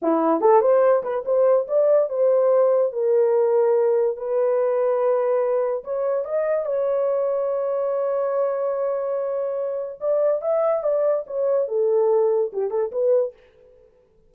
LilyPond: \new Staff \with { instrumentName = "horn" } { \time 4/4 \tempo 4 = 144 e'4 a'8 c''4 b'8 c''4 | d''4 c''2 ais'4~ | ais'2 b'2~ | b'2 cis''4 dis''4 |
cis''1~ | cis''1 | d''4 e''4 d''4 cis''4 | a'2 g'8 a'8 b'4 | }